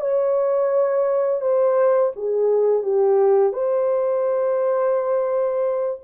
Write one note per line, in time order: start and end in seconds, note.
0.00 1.41 C#5
1.41 2.11 C5
2.16 2.82 G#4
2.82 3.53 G4
3.53 6.00 C5